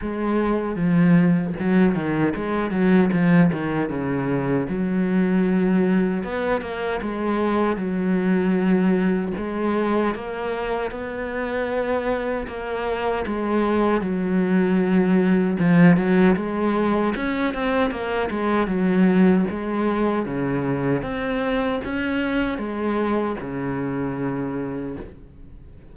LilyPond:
\new Staff \with { instrumentName = "cello" } { \time 4/4 \tempo 4 = 77 gis4 f4 fis8 dis8 gis8 fis8 | f8 dis8 cis4 fis2 | b8 ais8 gis4 fis2 | gis4 ais4 b2 |
ais4 gis4 fis2 | f8 fis8 gis4 cis'8 c'8 ais8 gis8 | fis4 gis4 cis4 c'4 | cis'4 gis4 cis2 | }